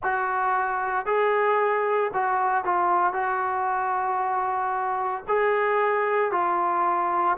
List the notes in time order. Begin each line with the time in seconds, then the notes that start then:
0.03 F#4
1.05 G#4
2.13 F#4
2.64 F4
3.13 F#4
5.28 G#4
6.32 F4